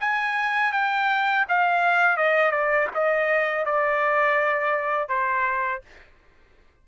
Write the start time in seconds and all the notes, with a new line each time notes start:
0.00 G#5
0.72 G5
1.48 F5
2.17 D#5
2.51 D5
2.94 D#5
3.65 D5
5.09 C5